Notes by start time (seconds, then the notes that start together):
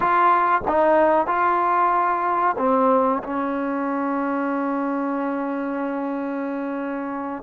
0.00 F4
0.67 D#4
1.26 F4
2.58 C4
3.23 C#4